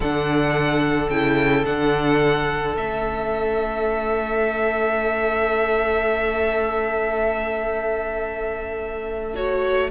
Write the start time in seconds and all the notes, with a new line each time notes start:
0.00 D3 D4 A4 F#5
1.09 C#3 E4 G5
1.65 D3 D4 F#5
2.74 A3 C#4 E5
9.34 F#4 C#5